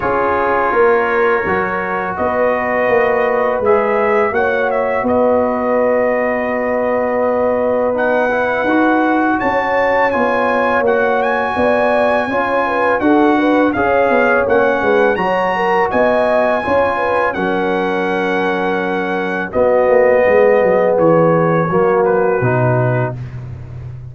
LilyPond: <<
  \new Staff \with { instrumentName = "trumpet" } { \time 4/4 \tempo 4 = 83 cis''2. dis''4~ | dis''4 e''4 fis''8 e''8 dis''4~ | dis''2. fis''4~ | fis''4 a''4 gis''4 fis''8 gis''8~ |
gis''2 fis''4 f''4 | fis''4 ais''4 gis''2 | fis''2. dis''4~ | dis''4 cis''4. b'4. | }
  \new Staff \with { instrumentName = "horn" } { \time 4/4 gis'4 ais'2 b'4~ | b'2 cis''4 b'4~ | b'1~ | b'4 cis''2. |
d''4 cis''8 b'8 a'8 b'8 cis''4~ | cis''8 b'8 cis''8 ais'8 dis''4 cis''8 b'8 | ais'2. fis'4 | gis'2 fis'2 | }
  \new Staff \with { instrumentName = "trombone" } { \time 4/4 f'2 fis'2~ | fis'4 gis'4 fis'2~ | fis'2. dis'8 e'8 | fis'2 f'4 fis'4~ |
fis'4 f'4 fis'4 gis'4 | cis'4 fis'2 f'4 | cis'2. b4~ | b2 ais4 dis'4 | }
  \new Staff \with { instrumentName = "tuba" } { \time 4/4 cis'4 ais4 fis4 b4 | ais4 gis4 ais4 b4~ | b1 | dis'4 cis'4 b4 ais4 |
b4 cis'4 d'4 cis'8 b8 | ais8 gis8 fis4 b4 cis'4 | fis2. b8 ais8 | gis8 fis8 e4 fis4 b,4 | }
>>